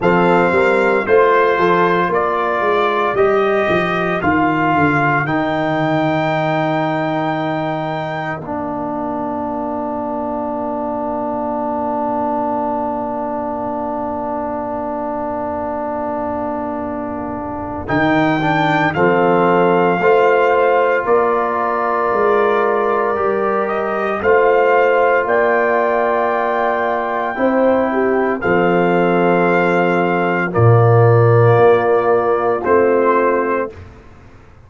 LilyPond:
<<
  \new Staff \with { instrumentName = "trumpet" } { \time 4/4 \tempo 4 = 57 f''4 c''4 d''4 dis''4 | f''4 g''2. | f''1~ | f''1~ |
f''4 g''4 f''2 | d''2~ d''8 dis''8 f''4 | g''2. f''4~ | f''4 d''2 c''4 | }
  \new Staff \with { instrumentName = "horn" } { \time 4/4 a'8 ais'8 c''8 a'8 ais'2~ | ais'1~ | ais'1~ | ais'1~ |
ais'2 a'4 c''4 | ais'2. c''4 | d''2 c''8 g'8 a'4~ | a'4 f'2. | }
  \new Staff \with { instrumentName = "trombone" } { \time 4/4 c'4 f'2 g'4 | f'4 dis'2. | d'1~ | d'1~ |
d'4 dis'8 d'8 c'4 f'4~ | f'2 g'4 f'4~ | f'2 e'4 c'4~ | c'4 ais2 c'4 | }
  \new Staff \with { instrumentName = "tuba" } { \time 4/4 f8 g8 a8 f8 ais8 gis8 g8 f8 | dis8 d8 dis2. | ais1~ | ais1~ |
ais4 dis4 f4 a4 | ais4 gis4 g4 a4 | ais2 c'4 f4~ | f4 ais,4 ais4 a4 | }
>>